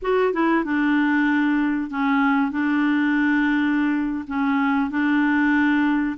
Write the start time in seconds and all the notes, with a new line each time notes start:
0.02 F#4
0.33 E4
0.64 D4
1.90 C#4
2.51 D4
4.27 C#4
4.90 D4